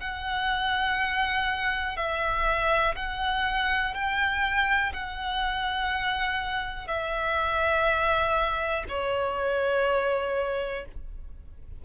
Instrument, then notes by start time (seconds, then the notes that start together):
violin
0.00 F#5
1.96 E5
2.96 F#5
3.94 G5
4.93 F#5
6.87 E5
8.88 C#5